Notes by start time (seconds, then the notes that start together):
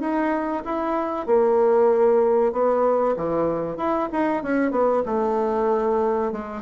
0.00 D#4
0.65 E4
1.26 A#3
2.52 B3
3.16 E3
3.77 E4
4.12 D#4
4.43 C#4
4.71 B3
5.06 A3
6.32 G#3